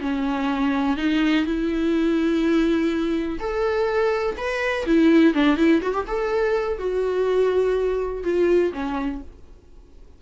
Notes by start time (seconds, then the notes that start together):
0.00 C#4
0.97 D#4
1.45 E4
3.39 A4
4.37 B4
4.86 E4
5.34 D4
5.56 E4
5.82 F#4
5.93 G4
6.07 A4
6.78 F#4
8.23 F4
8.73 C#4